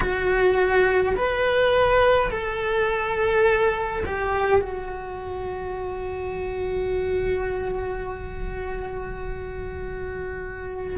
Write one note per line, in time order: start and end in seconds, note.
0.00 1.15 F#4
1.16 2.31 B4
2.31 4.04 A4
4.05 4.61 G4
4.61 10.96 F#4